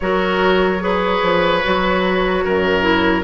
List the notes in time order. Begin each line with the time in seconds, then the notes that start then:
0.00 F#3 F#4 A#4 C#5
0.79 G#4 B4
1.22 F3
1.64 F#3 F#4
2.43 F#2 A#4
2.80 E4